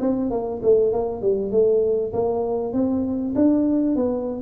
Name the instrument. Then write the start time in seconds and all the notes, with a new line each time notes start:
tuba
0.00 C4
0.30 A#3
0.62 A3
0.92 A#3
1.21 G3
1.51 A3
2.13 A#3
2.72 C4
3.35 D4
3.95 B3